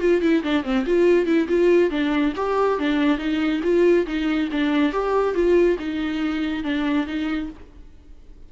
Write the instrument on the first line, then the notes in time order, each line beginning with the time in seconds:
viola
0.00 F4
0.22 E4
0.43 D4
0.64 C4
0.86 F4
1.26 E4
1.48 F4
1.91 D4
2.36 G4
2.79 D4
3.18 D#4
3.63 F4
4.06 D#4
4.52 D4
4.92 G4
5.34 F4
5.79 D#4
6.64 D4
7.07 D#4